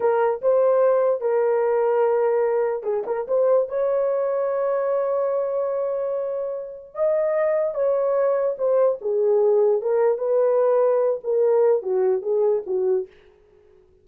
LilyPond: \new Staff \with { instrumentName = "horn" } { \time 4/4 \tempo 4 = 147 ais'4 c''2 ais'4~ | ais'2. gis'8 ais'8 | c''4 cis''2.~ | cis''1~ |
cis''4 dis''2 cis''4~ | cis''4 c''4 gis'2 | ais'4 b'2~ b'8 ais'8~ | ais'4 fis'4 gis'4 fis'4 | }